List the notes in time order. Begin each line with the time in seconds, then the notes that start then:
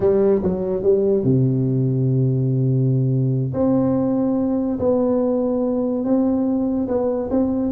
0.00 G3
0.42 F#3
0.82 G3
1.23 C3
3.53 C4
4.79 B3
6.04 C4
6.87 B3
7.30 C4